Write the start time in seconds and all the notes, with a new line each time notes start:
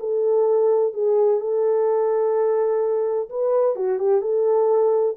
0.00 A4
0.94 G#4
1.40 A4
3.30 B4
3.76 F#4
3.99 G4
4.21 A4